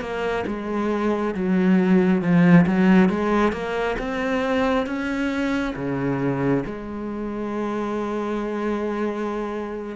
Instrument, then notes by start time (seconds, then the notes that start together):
cello
0.00 A#3
0.47 G#3
1.34 F#3
2.21 F3
2.66 F#3
3.09 G#3
3.52 A#3
3.98 C4
4.86 C#4
5.75 C#3
6.65 G#3